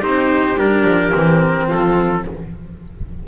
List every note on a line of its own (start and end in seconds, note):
0.00 0.57 C4
0.00 0.56 D#4
0.00 1.67 G4
0.00 0.58 C5
0.57 0.84 G3
0.57 1.11 D4
0.57 1.70 A#4
0.84 1.12 F3
1.11 1.71 E3
1.11 2.23 C4
1.67 2.27 F3
1.67 2.23 F4
1.67 2.27 A4